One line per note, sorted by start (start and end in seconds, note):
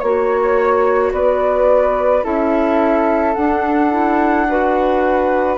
0.00 1.12 A#3
0.00 2.23 F#4
0.00 1.11 C#5
0.00 1.12 C#5
1.12 2.23 B3
1.12 2.24 B4
1.12 2.24 D5
2.23 3.36 C#4
2.23 3.34 E4
2.23 4.47 A4
2.23 3.34 E5
3.34 3.91 D4
3.34 5.57 D4
3.34 5.56 F#5
3.91 4.47 E4
4.49 5.57 F#4
4.49 5.57 B4